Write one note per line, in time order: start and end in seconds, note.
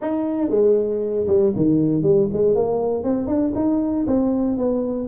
0.01 0.50 D#4
0.50 1.26 G#3
1.27 1.52 G3
1.55 2.02 D#3
2.02 2.28 G3
2.33 2.55 G#3
2.55 3.03 A#3
3.03 3.27 C4
3.27 3.52 D4
3.55 4.05 D#4
4.06 4.57 C4
4.57 5.08 B3